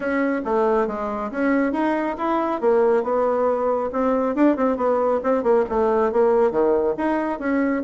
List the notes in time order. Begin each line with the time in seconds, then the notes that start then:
0.00 C#4
0.44 A3
0.87 G#3
1.31 C#4
1.72 D#4
2.17 E4
2.60 A#3
3.03 B3
3.92 C4
4.35 D4
4.56 C4
4.76 B3
5.23 C4
5.43 A#3
5.69 A3
6.11 A#3
6.51 D#3
6.97 D#4
7.39 C#4